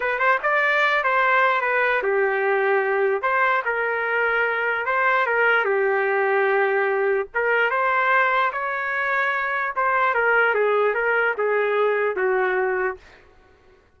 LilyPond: \new Staff \with { instrumentName = "trumpet" } { \time 4/4 \tempo 4 = 148 b'8 c''8 d''4. c''4. | b'4 g'2. | c''4 ais'2. | c''4 ais'4 g'2~ |
g'2 ais'4 c''4~ | c''4 cis''2. | c''4 ais'4 gis'4 ais'4 | gis'2 fis'2 | }